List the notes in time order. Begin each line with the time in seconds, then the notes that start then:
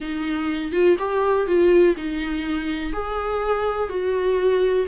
0.00 D#4
0.72 F4
0.98 G4
1.47 F4
1.96 D#4
2.93 G#4
3.89 F#4